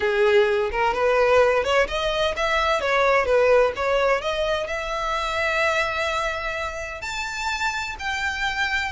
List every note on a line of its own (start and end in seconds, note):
0.00 0.70 G#4
0.71 0.94 A#4
0.94 1.63 B4
1.63 1.87 C#5
1.87 2.34 D#5
2.36 2.80 E5
2.80 3.25 C#5
3.25 3.72 B4
3.76 4.21 C#5
4.21 4.67 D#5
4.67 7.01 E5
7.01 7.95 A5
7.99 8.92 G5